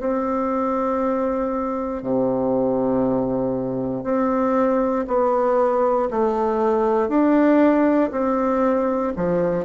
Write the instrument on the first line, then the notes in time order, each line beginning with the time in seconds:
bassoon
0.00 C4
2.02 C3
4.04 C4
5.08 B3
6.11 A3
7.09 D4
8.12 C4
9.16 F3